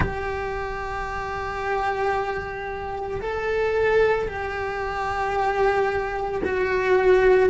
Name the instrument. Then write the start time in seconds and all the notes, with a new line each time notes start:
cello
0.00 G4
3.21 A4
4.28 G4
6.44 F#4